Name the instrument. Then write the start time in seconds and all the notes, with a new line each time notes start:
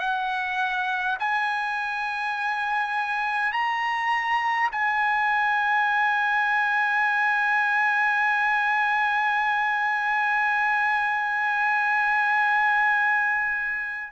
trumpet
0.00 F#5
1.19 G#5
3.52 A#5
4.72 G#5